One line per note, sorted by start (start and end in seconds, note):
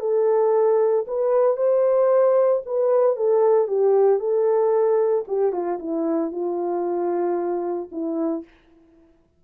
0.00 1.05 A4
1.07 1.57 B4
1.57 2.62 C5
2.66 3.17 B4
3.17 3.68 A4
3.68 4.20 G4
4.20 5.25 A4
5.28 5.53 G4
5.53 5.79 F4
5.79 6.31 E4
6.31 7.89 F4
7.91 8.44 E4